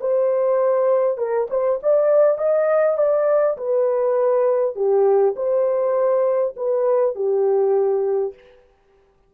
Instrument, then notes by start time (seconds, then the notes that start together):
horn
0.00 C5
1.18 A#4
1.50 C5
1.83 D5
2.38 D#5
2.97 D5
3.57 B4
4.76 G4
5.36 C5
6.56 B4
7.15 G4